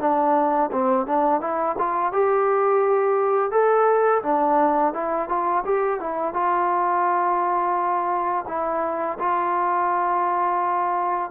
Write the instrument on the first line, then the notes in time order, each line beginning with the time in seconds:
trombone
0.00 D4
0.73 C4
1.07 D4
1.41 E4
1.79 F4
2.13 G4
3.52 A4
4.23 D4
4.94 E4
5.29 F4
5.65 G4
6.01 E4
6.34 F4
8.48 E4
9.20 F4